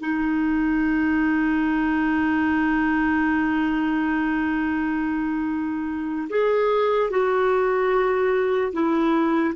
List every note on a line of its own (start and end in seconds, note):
0.00 6.28 D#4
6.30 7.11 G#4
7.11 8.73 F#4
8.73 9.54 E4